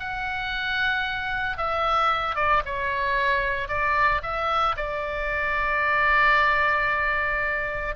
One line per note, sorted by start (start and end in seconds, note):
0.00 1.58 F#5
1.58 2.36 E5
2.36 2.62 D5
2.66 3.68 C#5
3.68 4.21 D5
4.23 4.76 E5
4.77 7.95 D5